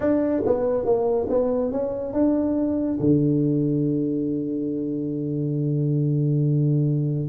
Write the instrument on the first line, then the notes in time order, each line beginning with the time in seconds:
tuba
0.00 D4
0.45 B3
0.85 A#3
1.29 B3
1.71 C#4
2.13 D4
3.00 D3